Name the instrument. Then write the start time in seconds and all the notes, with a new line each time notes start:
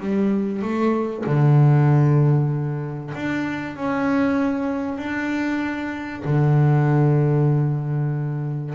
double bass
0.00 G3
0.62 A3
1.26 D3
3.15 D4
3.76 C#4
4.98 D4
6.25 D3